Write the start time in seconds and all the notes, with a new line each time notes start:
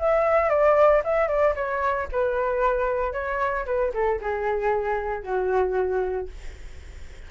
0.00 E5
0.50 D5
1.05 E5
1.28 D5
1.56 C#5
2.12 B4
3.13 C#5
3.67 B4
3.94 A4
4.22 G#4
5.23 F#4